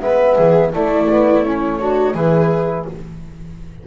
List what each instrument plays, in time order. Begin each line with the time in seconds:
0.00 double bass G#3, trombone B3, viola B4, flute E5
0.35 double bass E3, viola G#4
0.71 trombone A3, double bass A3, viola E4, flute D5
1.09 trombone B3
1.44 trombone C#4, flute C#5
1.80 trombone D4, viola F#4
2.14 double bass E3, trombone E4, viola G#4, flute B4